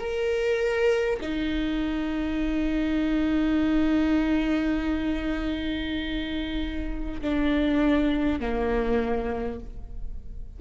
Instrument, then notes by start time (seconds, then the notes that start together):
viola
0.00 A#4
1.21 D#4
7.22 D4
8.39 A#3